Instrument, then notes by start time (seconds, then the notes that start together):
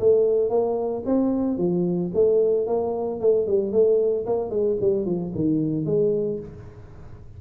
tuba
0.00 A3
0.50 A#3
1.06 C4
1.58 F3
2.14 A3
2.67 A#3
3.21 A3
3.47 G3
3.73 A3
4.26 A#3
4.50 G#3
4.81 G3
5.06 F3
5.35 D#3
5.86 G#3